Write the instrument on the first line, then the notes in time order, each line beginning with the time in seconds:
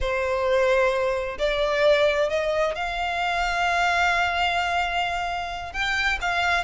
violin
0.00 C5
1.38 D5
2.29 D#5
2.75 F5
5.73 G5
6.21 F5